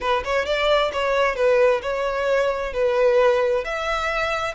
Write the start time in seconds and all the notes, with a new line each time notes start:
0.01 B4
0.24 C#5
0.45 D5
0.92 C#5
1.35 B4
1.82 C#5
2.73 B4
3.64 E5